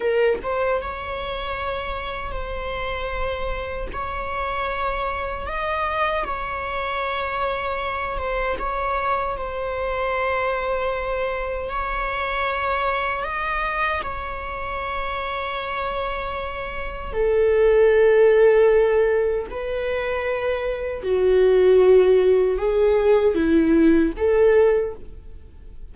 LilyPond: \new Staff \with { instrumentName = "viola" } { \time 4/4 \tempo 4 = 77 ais'8 c''8 cis''2 c''4~ | c''4 cis''2 dis''4 | cis''2~ cis''8 c''8 cis''4 | c''2. cis''4~ |
cis''4 dis''4 cis''2~ | cis''2 a'2~ | a'4 b'2 fis'4~ | fis'4 gis'4 e'4 a'4 | }